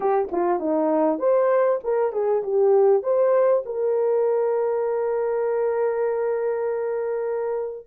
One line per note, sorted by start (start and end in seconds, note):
0.00 0.28 G4
0.31 0.59 F4
0.59 1.18 D#4
1.18 1.79 C5
1.83 2.12 A#4
2.12 2.42 G#4
2.43 3.02 G4
3.02 3.63 C5
3.65 7.87 A#4